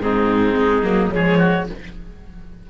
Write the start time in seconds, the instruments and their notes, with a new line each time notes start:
0.00 cello G#2, viola C4, oboe D#4, clarinet G#4
0.56 cello G#3
0.82 cello F#3, viola A#3
1.11 cello F3, viola G#3, oboe G#4, clarinet C#5
1.38 oboe F#4